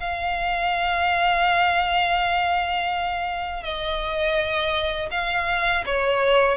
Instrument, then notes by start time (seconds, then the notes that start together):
violin
0.00 F5
3.63 D#5
5.11 F5
5.86 C#5